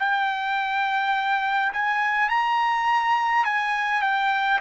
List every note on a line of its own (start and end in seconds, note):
0.00 1.73 G5
1.73 2.30 G#5
2.30 3.45 A#5
3.45 4.02 G#5
4.02 4.60 G5